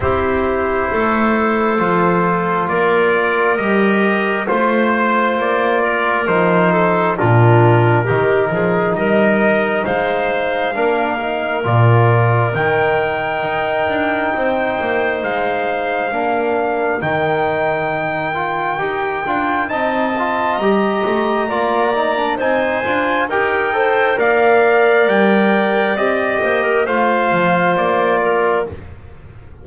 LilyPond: <<
  \new Staff \with { instrumentName = "trumpet" } { \time 4/4 \tempo 4 = 67 c''2. d''4 | dis''4 c''4 d''4 c''4 | ais'2 dis''4 f''4~ | f''4 d''4 g''2~ |
g''4 f''2 g''4~ | g''2 a''4 ais''4~ | ais''4 gis''4 g''4 f''4 | g''4 dis''4 f''4 d''4 | }
  \new Staff \with { instrumentName = "clarinet" } { \time 4/4 g'4 a'2 ais'4~ | ais'4 c''4. ais'4 a'8 | f'4 g'8 gis'8 ais'4 c''4 | ais'1 |
c''2 ais'2~ | ais'2 dis''2 | d''4 c''4 ais'8 c''8 d''4~ | d''4. c''16 ais'16 c''4. ais'8 | }
  \new Staff \with { instrumentName = "trombone" } { \time 4/4 e'2 f'2 | g'4 f'2 dis'4 | d'4 dis'2. | d'8 dis'8 f'4 dis'2~ |
dis'2 d'4 dis'4~ | dis'8 f'8 g'8 f'8 dis'8 f'8 g'4 | f'8 dis'16 d'16 dis'8 f'8 g'8 a'8 ais'4~ | ais'4 g'4 f'2 | }
  \new Staff \with { instrumentName = "double bass" } { \time 4/4 c'4 a4 f4 ais4 | g4 a4 ais4 f4 | ais,4 dis8 f8 g4 gis4 | ais4 ais,4 dis4 dis'8 d'8 |
c'8 ais8 gis4 ais4 dis4~ | dis4 dis'8 d'8 c'4 g8 a8 | ais4 c'8 d'8 dis'4 ais4 | g4 c'8 ais8 a8 f8 ais4 | }
>>